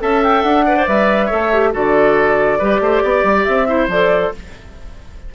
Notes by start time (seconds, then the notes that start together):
0.00 C#4 A4 E5 A5
0.24 G5
0.42 D4 F#5
0.66 B4 D5
0.77 C5
0.87 G3 B4 E5
1.26 A4 C#5
1.32 A3
1.53 G4
1.73 D3 F#4 A4 D5
2.59 G3 G4 B4
2.80 A3 C5
3.03 B3 D5
3.24 G3
3.45 C4 E5
3.67 E4 C5
3.88 F3 A4 D5